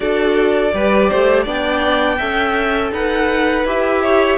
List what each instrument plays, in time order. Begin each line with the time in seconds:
0.00 cello D4, viola F#4, violin A4 D5
0.73 cello G3, viola G4, violin B4
1.09 cello A3, violin C5
1.43 cello B3, viola D4, violin D5 G5
2.17 cello C#4, viola A4, violin E5
2.91 cello D#4, violin B4 F#5
3.64 cello E4, viola G4, violin E5
4.02 violin C#5